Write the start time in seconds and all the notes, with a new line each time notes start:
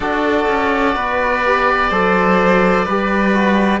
0.00 D4 F#4 A4 D5
0.48 C#4
0.94 B3 B4
1.45 G4
1.89 F#3 A4 C5
2.84 G3 G4 B4
3.33 F#4